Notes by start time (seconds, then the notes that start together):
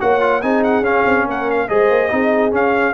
0.00 A#3 F#4 C#5 F#5
0.21 F4
0.42 C4 D#4 G#4 G#5
0.64 F#5
0.81 C#4 F5
1.06 C4
1.26 A#3 A#4 F#5
1.50 F5
1.68 G#3 G#4 C5 D#5
1.90 A#3
2.10 C4 D#4 G#4
2.51 C#4 F5